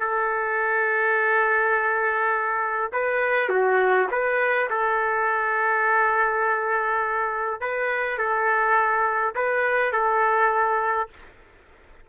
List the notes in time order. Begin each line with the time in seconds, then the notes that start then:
0.00 A4
2.92 B4
3.49 F#4
4.11 B4
4.70 A4
7.60 B4
8.18 A4
9.35 B4
9.92 A4